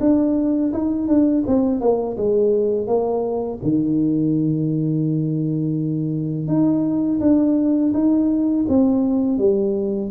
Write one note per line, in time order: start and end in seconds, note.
0.00 0.72 D4
0.73 1.08 D#4
1.08 1.44 D4
1.47 1.80 C4
1.80 2.17 A#3
2.17 2.87 G#3
2.87 3.59 A#3
3.63 6.47 D#3
6.47 7.20 D#4
7.20 7.93 D4
7.94 8.66 D#4
8.68 9.38 C4
9.38 10.10 G3